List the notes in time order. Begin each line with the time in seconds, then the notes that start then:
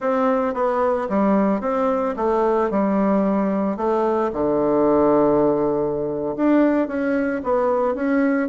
0.00 C4
0.54 B3
1.09 G3
1.61 C4
2.16 A3
2.70 G3
3.76 A3
4.32 D3
6.36 D4
6.87 C#4
7.43 B3
7.94 C#4